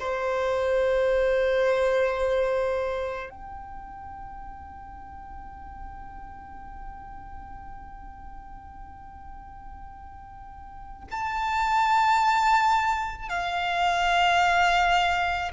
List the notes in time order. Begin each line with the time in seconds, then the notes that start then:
0.00 C5
3.30 G5
11.12 A5
13.29 F5